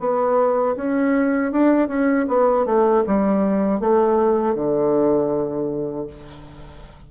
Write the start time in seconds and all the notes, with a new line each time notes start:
0.00 B3
0.76 C#4
1.52 D4
1.88 C#4
2.28 B3
2.66 A3
3.07 G3
3.80 A3
4.55 D3